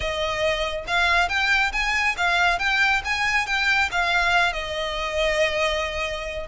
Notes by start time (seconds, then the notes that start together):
0.00 D#5
0.87 F5
1.28 G5
1.72 G#5
2.17 F5
2.59 G5
3.05 G#5
3.46 G5
3.91 F5
4.52 D#5